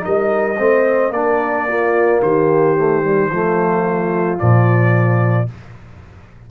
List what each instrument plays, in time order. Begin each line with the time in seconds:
0.00 trombone D#4, horn A#4, trumpet D#5
0.06 tuba G3
0.58 tuba A3, trombone C4, horn C5
1.10 tuba A#3, trombone D4, horn A#4, trumpet D5
1.68 trombone A#3, horn F4
2.22 tuba D#3, horn G4, trumpet C5
2.77 trombone A3
3.03 trombone G3
3.30 tuba F3, trombone A3, horn F4
4.38 tuba A#2, trombone F3, trumpet D5